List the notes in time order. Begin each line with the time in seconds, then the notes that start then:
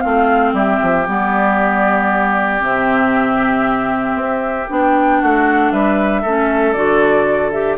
0.00 A3 C4 F4 F5
0.53 G3 G4 E5
0.82 F3
1.07 G3 B3 D5
2.59 C3 C4 E5
4.14 C4
4.69 B3 D4 G5
5.20 A3 F#4 F#5
5.71 G3 B4 E5
6.21 A3 C#4 A4
6.72 D3 F#4 D5
7.51 G4 E5